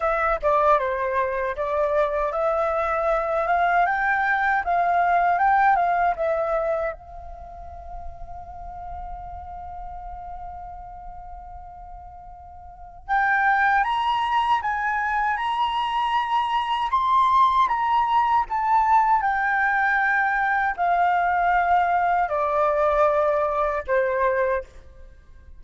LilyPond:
\new Staff \with { instrumentName = "flute" } { \time 4/4 \tempo 4 = 78 e''8 d''8 c''4 d''4 e''4~ | e''8 f''8 g''4 f''4 g''8 f''8 | e''4 f''2.~ | f''1~ |
f''4 g''4 ais''4 gis''4 | ais''2 c'''4 ais''4 | a''4 g''2 f''4~ | f''4 d''2 c''4 | }